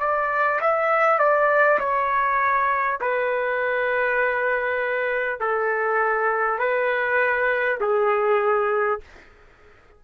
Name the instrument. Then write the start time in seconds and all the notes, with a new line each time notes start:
trumpet
0.00 D5
0.61 E5
1.19 D5
1.79 C#5
3.01 B4
5.40 A4
6.59 B4
7.81 G#4